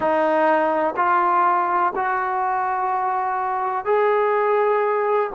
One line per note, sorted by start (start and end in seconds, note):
0.00 0.94 D#4
0.96 1.93 F4
1.95 3.85 F#4
3.85 5.30 G#4